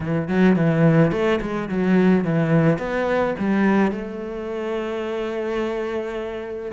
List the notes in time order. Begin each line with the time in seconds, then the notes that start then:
0.00 E3
0.28 F#3
0.56 E3
1.11 A3
1.41 G#3
1.68 F#3
2.24 E3
2.78 B3
3.38 G3
3.91 A3